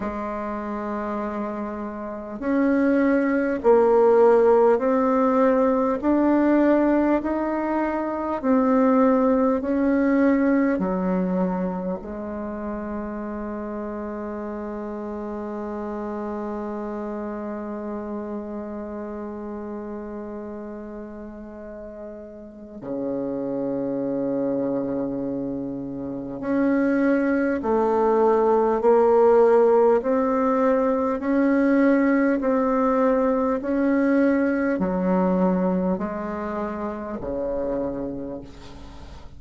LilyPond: \new Staff \with { instrumentName = "bassoon" } { \time 4/4 \tempo 4 = 50 gis2 cis'4 ais4 | c'4 d'4 dis'4 c'4 | cis'4 fis4 gis2~ | gis1~ |
gis2. cis4~ | cis2 cis'4 a4 | ais4 c'4 cis'4 c'4 | cis'4 fis4 gis4 cis4 | }